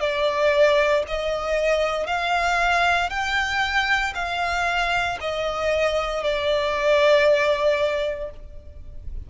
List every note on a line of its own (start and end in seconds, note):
0.00 1.03 D5
1.08 2.07 D#5
2.07 3.10 F5
3.10 4.13 G5
4.15 5.18 F5
5.21 6.24 D#5
6.24 8.30 D5